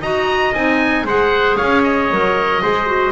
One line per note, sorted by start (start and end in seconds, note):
0.00 0.53 D#4
0.00 0.54 F#4
0.00 1.04 D#5
0.00 0.53 A#5
0.53 1.03 C4
0.53 1.06 D#4
0.53 1.06 G#5
1.03 1.56 G#3
1.03 2.11 G#4
1.03 1.56 C5
1.03 1.56 F#5
1.56 2.10 C#4
1.56 2.61 C#5
1.56 1.82 F5
1.83 3.11 D#5
2.10 2.62 F#3
2.10 2.62 A#4
2.62 3.11 G#3
2.62 2.86 G#4
2.62 3.11 C5
2.86 3.11 F#4